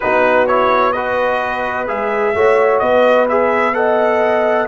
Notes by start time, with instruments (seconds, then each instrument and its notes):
0.00 tuba B3, trombone D#4, horn F#4, trumpet B4
0.46 trombone E4, trumpet C#5
0.92 trombone F#4, horn B4, trumpet D#5
1.87 tuba G#3, trombone G#4, trumpet E5
2.34 tuba A3, trombone F#4, horn C#5
2.79 tuba B3, horn B4, trumpet D#5
3.28 trombone G#4, trumpet E5
3.73 trombone A4, horn D#5, trumpet F#5